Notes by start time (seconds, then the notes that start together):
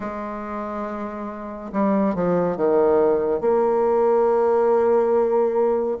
0.00 G#3
1.72 G3
2.14 F3
2.56 D#3
3.41 A#3